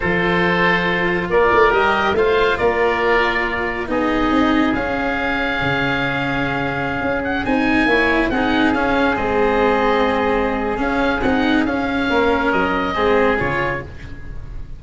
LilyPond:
<<
  \new Staff \with { instrumentName = "oboe" } { \time 4/4 \tempo 4 = 139 c''2. d''4 | dis''4 f''4 d''2~ | d''4 dis''2 f''4~ | f''1~ |
f''8. fis''8 gis''2 fis''8.~ | fis''16 f''4 dis''2~ dis''8.~ | dis''4 f''4 fis''4 f''4~ | f''4 dis''2 cis''4 | }
  \new Staff \with { instrumentName = "oboe" } { \time 4/4 a'2. ais'4~ | ais'4 c''4 ais'2~ | ais'4 gis'2.~ | gis'1~ |
gis'2~ gis'16 cis''4 gis'8.~ | gis'1~ | gis'1 | ais'2 gis'2 | }
  \new Staff \with { instrumentName = "cello" } { \time 4/4 f'1 | g'4 f'2.~ | f'4 dis'2 cis'4~ | cis'1~ |
cis'4~ cis'16 dis'4 e'4 dis'8.~ | dis'16 cis'4 c'2~ c'8.~ | c'4 cis'4 dis'4 cis'4~ | cis'2 c'4 f'4 | }
  \new Staff \with { instrumentName = "tuba" } { \time 4/4 f2. ais8 a8 | g4 a4 ais2~ | ais4 b4 c'4 cis'4~ | cis'4 cis2.~ |
cis16 cis'4 c'4 ais4 c'8.~ | c'16 cis'4 gis2~ gis8.~ | gis4 cis'4 c'4 cis'4 | ais4 fis4 gis4 cis4 | }
>>